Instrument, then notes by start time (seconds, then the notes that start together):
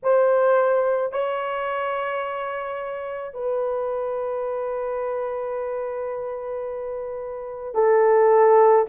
horn
0.03 C5
1.12 C#5
3.33 B4
7.74 A4